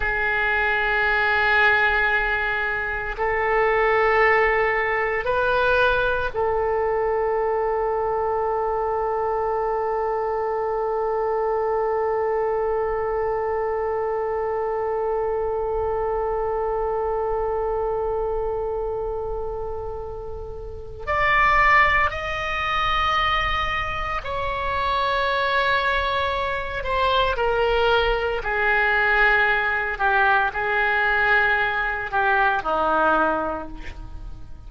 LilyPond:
\new Staff \with { instrumentName = "oboe" } { \time 4/4 \tempo 4 = 57 gis'2. a'4~ | a'4 b'4 a'2~ | a'1~ | a'1~ |
a'1 | d''4 dis''2 cis''4~ | cis''4. c''8 ais'4 gis'4~ | gis'8 g'8 gis'4. g'8 dis'4 | }